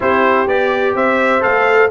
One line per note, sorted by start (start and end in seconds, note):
0.00 0.47 C4
0.00 0.47 E4
0.00 0.95 G4
0.00 0.48 C5
0.47 0.94 B3
0.47 1.41 G4
0.47 0.95 D5
0.94 1.42 C4
0.94 1.90 C5
0.94 1.42 E5
1.41 1.90 A3
1.41 1.88 A4
1.41 1.90 F5